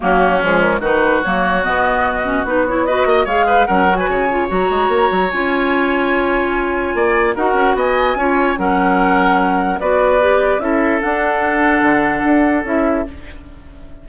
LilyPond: <<
  \new Staff \with { instrumentName = "flute" } { \time 4/4 \tempo 4 = 147 fis'4 gis'8 ais'8 b'4 cis''4 | dis''2 b'8 cis''8 dis''4 | f''4 fis''8. gis''4~ gis''16 ais''4~ | ais''4 gis''2.~ |
gis''2 fis''4 gis''4~ | gis''4 fis''2. | d''2 e''4 fis''4~ | fis''2. e''4 | }
  \new Staff \with { instrumentName = "oboe" } { \time 4/4 cis'2 fis'2~ | fis'2. b'8 dis''8 | cis''8 b'8 ais'8. b'16 cis''2~ | cis''1~ |
cis''4 d''4 ais'4 dis''4 | cis''4 ais'2. | b'2 a'2~ | a'1 | }
  \new Staff \with { instrumentName = "clarinet" } { \time 4/4 ais4 gis4 dis'4 ais4 | b4. cis'8 dis'8 e'8 fis'4 | gis'4 cis'8 fis'4 f'8 fis'4~ | fis'4 f'2.~ |
f'2 fis'2 | f'4 cis'2. | fis'4 g'4 e'4 d'4~ | d'2. e'4 | }
  \new Staff \with { instrumentName = "bassoon" } { \time 4/4 fis4 f4 dis4 fis4 | b,2 b4. ais8 | gis4 fis4 cis4 fis8 gis8 | ais8 fis8 cis'2.~ |
cis'4 ais4 dis'8 cis'8 b4 | cis'4 fis2. | b2 cis'4 d'4~ | d'4 d4 d'4 cis'4 | }
>>